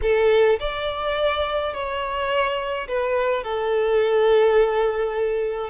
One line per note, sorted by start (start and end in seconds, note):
0.02 0.59 A4
0.59 1.73 D5
1.73 2.87 C#5
2.88 3.43 B4
3.43 5.70 A4